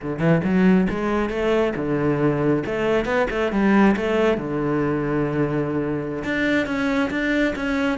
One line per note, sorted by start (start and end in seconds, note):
0.01 0.19 D3
0.19 0.41 E3
0.44 0.87 F#3
0.89 1.29 G#3
1.29 1.73 A3
1.75 2.63 D3
2.66 3.05 A3
3.05 3.27 B3
3.30 3.52 A3
3.52 3.95 G3
3.96 4.37 A3
4.37 6.23 D3
6.24 6.66 D4
6.66 7.10 C#4
7.10 7.54 D4
7.55 7.98 C#4